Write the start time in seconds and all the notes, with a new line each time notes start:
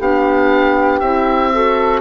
0.00 B3 D4 G4 F5
1.00 C4 E4 E5
1.53 F#4 A4